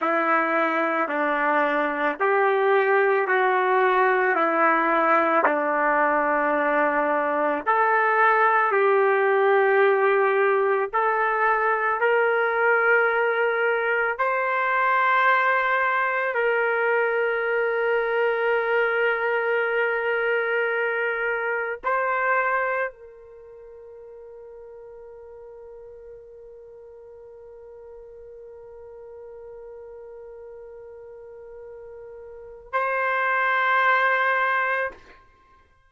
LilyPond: \new Staff \with { instrumentName = "trumpet" } { \time 4/4 \tempo 4 = 55 e'4 d'4 g'4 fis'4 | e'4 d'2 a'4 | g'2 a'4 ais'4~ | ais'4 c''2 ais'4~ |
ais'1 | c''4 ais'2.~ | ais'1~ | ais'2 c''2 | }